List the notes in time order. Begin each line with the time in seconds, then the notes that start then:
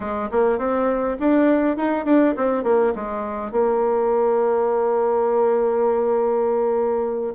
0.00 G#3
0.31 A#3
0.58 C4
1.19 D4
1.76 D#4
2.05 D4
2.36 C4
2.63 A#3
2.95 G#3
3.51 A#3